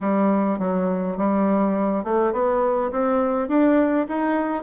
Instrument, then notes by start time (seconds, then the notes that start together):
bassoon
0.00 G3
0.58 F#3
1.17 G3
2.04 A3
2.32 B3
2.91 C4
3.48 D4
4.08 D#4